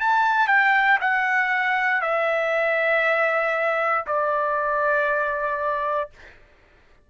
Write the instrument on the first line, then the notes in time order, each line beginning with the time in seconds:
trumpet
0.00 A5
0.47 G5
1.00 F#5
2.01 E5
4.06 D5